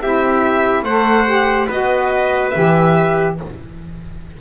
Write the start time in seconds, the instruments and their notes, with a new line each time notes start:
0.00 double bass C4, saxophone E4, trumpet G4, violin E5
0.82 double bass A3, saxophone A4, trumpet C5, violin F#5
1.25 saxophone G4
1.67 double bass B3, saxophone F#4, trumpet B4, violin D#5
2.50 double bass E3, saxophone G4, violin E5